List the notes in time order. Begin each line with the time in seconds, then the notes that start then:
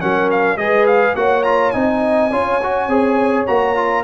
0.00 F#3 C#4 A#4 F#5
0.31 F5
0.56 G#3 G#4 B4 D#5
0.86 F5
1.15 A#3 F#4 C#5 F#5
1.43 F4 A#5
1.71 C4 D#4 D#5 G#5
2.31 C#4 F4 C#5
2.62 F#4
2.88 C4 G#4
3.46 A#3 F#4 A#5
3.75 F4